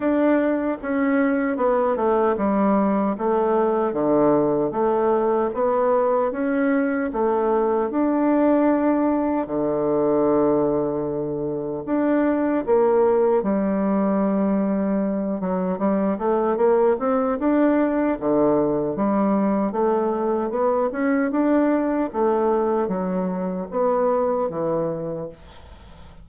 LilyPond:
\new Staff \with { instrumentName = "bassoon" } { \time 4/4 \tempo 4 = 76 d'4 cis'4 b8 a8 g4 | a4 d4 a4 b4 | cis'4 a4 d'2 | d2. d'4 |
ais4 g2~ g8 fis8 | g8 a8 ais8 c'8 d'4 d4 | g4 a4 b8 cis'8 d'4 | a4 fis4 b4 e4 | }